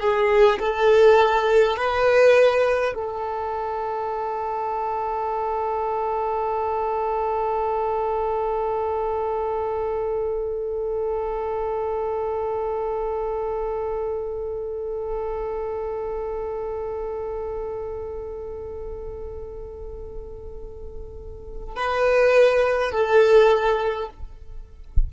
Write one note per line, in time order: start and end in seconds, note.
0.00 0.59 G#4
0.59 1.76 A4
1.76 2.94 B4
2.95 21.76 A4
21.76 22.91 B4
22.91 24.09 A4